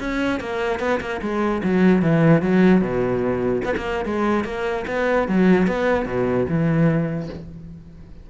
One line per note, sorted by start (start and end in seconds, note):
0.00 0.41 C#4
0.41 0.80 A#3
0.80 1.00 B3
1.01 1.21 A#3
1.22 1.62 G#3
1.64 2.03 F#3
2.03 2.42 E3
2.42 2.81 F#3
2.81 3.62 B2
3.65 3.75 B3
3.77 4.06 A#3
4.06 4.45 G#3
4.45 4.85 A#3
4.88 5.28 B3
5.28 5.68 F#3
5.68 6.06 B3
6.06 6.47 B2
6.49 7.30 E3